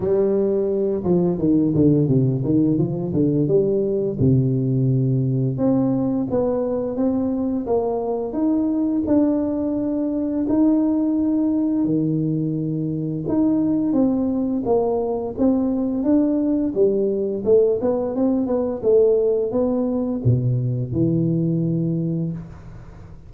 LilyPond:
\new Staff \with { instrumentName = "tuba" } { \time 4/4 \tempo 4 = 86 g4. f8 dis8 d8 c8 dis8 | f8 d8 g4 c2 | c'4 b4 c'4 ais4 | dis'4 d'2 dis'4~ |
dis'4 dis2 dis'4 | c'4 ais4 c'4 d'4 | g4 a8 b8 c'8 b8 a4 | b4 b,4 e2 | }